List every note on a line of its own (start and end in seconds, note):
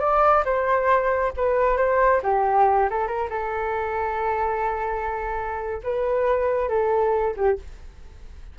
0.00 0.44 D5
0.45 1.33 C5
1.37 1.77 B4
1.77 2.21 C5
2.23 2.89 G4
2.90 3.07 A4
3.07 3.29 A#4
3.30 5.81 A4
5.83 6.69 B4
6.69 7.34 A4
7.37 7.58 G4